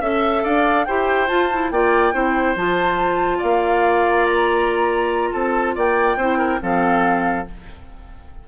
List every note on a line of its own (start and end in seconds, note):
0.00 0.43 C#4
0.00 0.87 A4
0.00 0.43 E5
0.00 0.44 E5
0.43 0.87 D4
0.43 0.86 D5
0.43 0.85 F5
0.85 1.29 E4
0.85 1.27 G4
0.85 1.72 C5
0.85 1.28 G5
1.27 1.49 F4
1.27 1.71 F4
1.27 1.70 A5
1.52 1.73 E4
1.71 2.13 A#3
1.71 2.13 F4
1.71 2.14 D5
1.71 2.56 G5
2.13 2.55 C4
2.13 2.55 E4
2.13 3.38 C5
2.55 3.41 F3
2.55 6.19 F4
2.55 3.40 A5
3.38 5.33 A#3
3.38 5.29 D5
3.38 4.26 F5
4.26 5.32 A#5
5.32 5.76 C4
5.32 5.75 A4
5.32 5.74 A5
5.75 6.16 A#3
5.75 6.17 D5
5.75 6.62 G5
6.16 6.59 C4
6.16 6.60 E4
6.16 6.38 C5
6.38 6.59 A#4
6.60 7.48 F3
6.60 7.45 C4
6.60 7.48 A4
6.60 7.47 F5